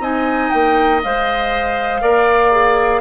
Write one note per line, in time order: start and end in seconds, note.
0.00 0.50 C4
0.00 1.02 D#4
0.00 2.01 D#5
0.00 0.51 G#5
0.51 1.03 A#3
0.51 1.01 G5
1.03 2.02 G#3
1.03 2.02 C5
1.03 3.01 F5
2.02 3.01 A#3
2.02 2.52 A#4
2.02 3.01 D5
2.52 3.01 G#4